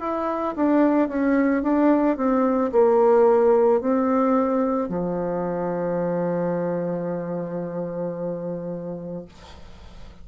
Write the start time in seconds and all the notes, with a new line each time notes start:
0.00 E4
0.56 D4
1.09 C#4
1.63 D4
2.17 C4
2.72 A#3
3.81 C4
4.88 F3